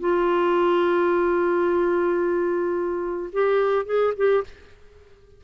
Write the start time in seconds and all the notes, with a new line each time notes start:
0.00 F4
3.33 G4
3.86 G#4
4.17 G4